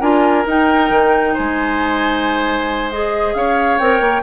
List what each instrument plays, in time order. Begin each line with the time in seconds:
0.00 bassoon D4, clarinet F4, oboe A#4, flute G#5
0.46 bassoon D#4, clarinet D#4, flute G5
0.90 bassoon D#3
1.33 bassoon G#3, oboe C5, flute G#5
2.90 clarinet G#4, flute D#5
3.34 bassoon C#4, oboe C#5, flute F5
3.78 bassoon C4, clarinet A#4, flute G5
4.00 bassoon A#3